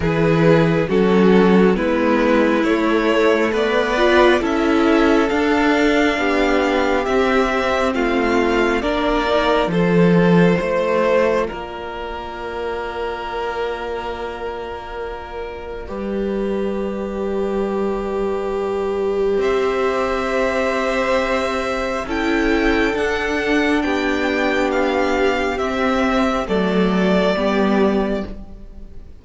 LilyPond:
<<
  \new Staff \with { instrumentName = "violin" } { \time 4/4 \tempo 4 = 68 b'4 a'4 b'4 cis''4 | d''4 e''4 f''2 | e''4 f''4 d''4 c''4~ | c''4 d''2.~ |
d''1~ | d''2 e''2~ | e''4 g''4 fis''4 g''4 | f''4 e''4 d''2 | }
  \new Staff \with { instrumentName = "violin" } { \time 4/4 gis'4 fis'4 e'2 | b'4 a'2 g'4~ | g'4 f'4 ais'4 a'4 | c''4 ais'2.~ |
ais'2 b'2~ | b'2 c''2~ | c''4 a'2 g'4~ | g'2 a'4 g'4 | }
  \new Staff \with { instrumentName = "viola" } { \time 4/4 e'4 cis'4 b4 a4~ | a8 f'8 e'4 d'2 | c'2 d'8 dis'8 f'4~ | f'1~ |
f'2 g'2~ | g'1~ | g'4 e'4 d'2~ | d'4 c'4 a4 b4 | }
  \new Staff \with { instrumentName = "cello" } { \time 4/4 e4 fis4 gis4 a4 | b4 cis'4 d'4 b4 | c'4 a4 ais4 f4 | a4 ais2.~ |
ais2 g2~ | g2 c'2~ | c'4 cis'4 d'4 b4~ | b4 c'4 fis4 g4 | }
>>